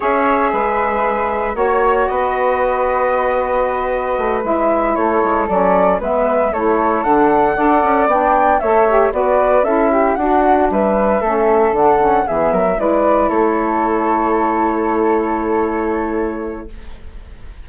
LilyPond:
<<
  \new Staff \with { instrumentName = "flute" } { \time 4/4 \tempo 4 = 115 e''2. cis''4 | dis''1~ | dis''8 e''4 cis''4 d''4 e''8~ | e''8 cis''4 fis''2 g''8~ |
g''8 e''4 d''4 e''4 fis''8~ | fis''8 e''2 fis''4 e''8~ | e''8 d''4 cis''2~ cis''8~ | cis''1 | }
  \new Staff \with { instrumentName = "flute" } { \time 4/4 cis''4 b'2 cis''4 | b'1~ | b'4. a'2 b'8~ | b'8 a'2 d''4.~ |
d''8 cis''4 b'4 a'8 g'8 fis'8~ | fis'8 b'4 a'2 gis'8 | ais'8 b'4 a'2~ a'8~ | a'1 | }
  \new Staff \with { instrumentName = "saxophone" } { \time 4/4 gis'2. fis'4~ | fis'1~ | fis'8 e'2 cis'4 b8~ | b8 e'4 d'4 a'4 d'8~ |
d'8 a'8 g'8 fis'4 e'4 d'8~ | d'4. cis'4 d'8 cis'8 b8~ | b8 e'2.~ e'8~ | e'1 | }
  \new Staff \with { instrumentName = "bassoon" } { \time 4/4 cis'4 gis2 ais4 | b1 | a8 gis4 a8 gis8 fis4 gis8~ | gis8 a4 d4 d'8 cis'8 b8~ |
b8 a4 b4 cis'4 d'8~ | d'8 g4 a4 d4 e8 | fis8 gis4 a2~ a8~ | a1 | }
>>